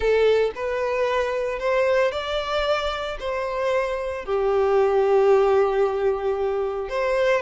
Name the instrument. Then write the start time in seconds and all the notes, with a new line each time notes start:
violin
0.00 A4
0.55 B4
1.59 C5
2.11 D5
3.19 C5
4.25 G4
6.89 C5